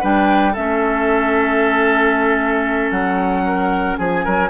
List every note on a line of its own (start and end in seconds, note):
0.00 0.56 G3
0.00 0.54 D4
0.00 0.52 B4
0.00 0.55 G5
0.52 2.91 A3
0.52 4.49 C#4
0.52 3.41 A4
0.52 2.91 E5
2.91 3.96 F#3
2.91 3.96 F#5
3.46 3.98 A#4
3.98 4.25 F3
3.98 4.24 G#4
3.98 4.49 G#5
4.24 4.49 F#3
4.24 4.49 A#4